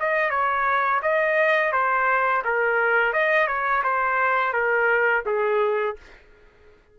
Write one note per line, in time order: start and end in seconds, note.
0.00 0.30 D#5
0.30 1.01 C#5
1.03 1.72 D#5
1.72 2.43 C5
2.45 3.13 A#4
3.13 3.47 D#5
3.47 3.83 C#5
3.84 4.53 C5
4.53 5.24 A#4
5.26 5.96 G#4